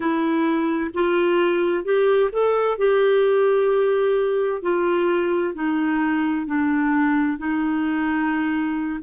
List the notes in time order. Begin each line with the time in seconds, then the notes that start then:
0.00 E4
0.94 F4
1.84 G4
2.32 A4
2.78 G4
4.62 F4
5.54 D#4
6.46 D4
7.38 D#4